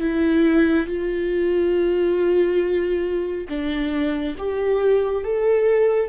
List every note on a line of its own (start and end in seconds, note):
0.00 0.87 E4
0.87 3.48 F4
3.49 4.36 D4
4.38 5.24 G4
5.24 6.09 A4